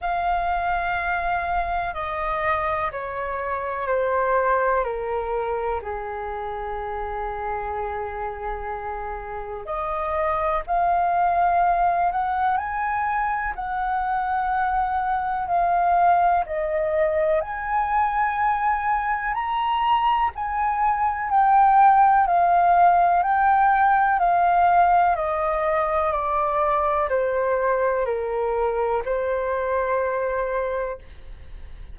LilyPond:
\new Staff \with { instrumentName = "flute" } { \time 4/4 \tempo 4 = 62 f''2 dis''4 cis''4 | c''4 ais'4 gis'2~ | gis'2 dis''4 f''4~ | f''8 fis''8 gis''4 fis''2 |
f''4 dis''4 gis''2 | ais''4 gis''4 g''4 f''4 | g''4 f''4 dis''4 d''4 | c''4 ais'4 c''2 | }